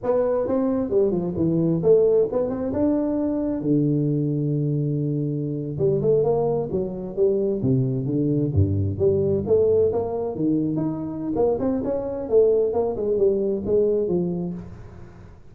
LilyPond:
\new Staff \with { instrumentName = "tuba" } { \time 4/4 \tempo 4 = 132 b4 c'4 g8 f8 e4 | a4 b8 c'8 d'2 | d1~ | d8. g8 a8 ais4 fis4 g16~ |
g8. c4 d4 g,4 g16~ | g8. a4 ais4 dis4 dis'16~ | dis'4 ais8 c'8 cis'4 a4 | ais8 gis8 g4 gis4 f4 | }